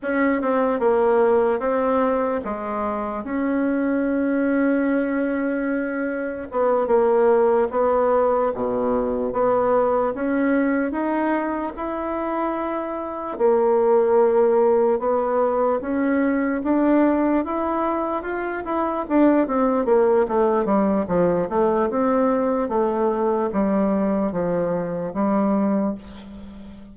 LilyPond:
\new Staff \with { instrumentName = "bassoon" } { \time 4/4 \tempo 4 = 74 cis'8 c'8 ais4 c'4 gis4 | cis'1 | b8 ais4 b4 b,4 b8~ | b8 cis'4 dis'4 e'4.~ |
e'8 ais2 b4 cis'8~ | cis'8 d'4 e'4 f'8 e'8 d'8 | c'8 ais8 a8 g8 f8 a8 c'4 | a4 g4 f4 g4 | }